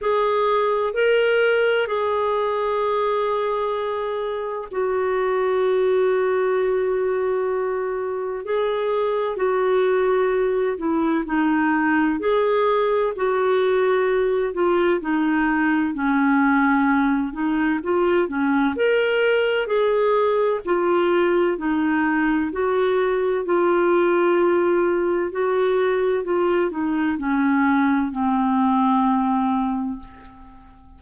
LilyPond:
\new Staff \with { instrumentName = "clarinet" } { \time 4/4 \tempo 4 = 64 gis'4 ais'4 gis'2~ | gis'4 fis'2.~ | fis'4 gis'4 fis'4. e'8 | dis'4 gis'4 fis'4. f'8 |
dis'4 cis'4. dis'8 f'8 cis'8 | ais'4 gis'4 f'4 dis'4 | fis'4 f'2 fis'4 | f'8 dis'8 cis'4 c'2 | }